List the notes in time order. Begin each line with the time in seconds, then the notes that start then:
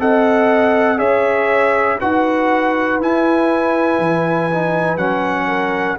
0.00 C4 A4 D#5 F#5
0.97 C#4 G#4 C#5 E5
1.99 D#4 F#4 B4 F#5
3.00 E4 G#5
3.99 E3
4.51 D#4
4.97 F#3 C#4 F#5
5.47 A#4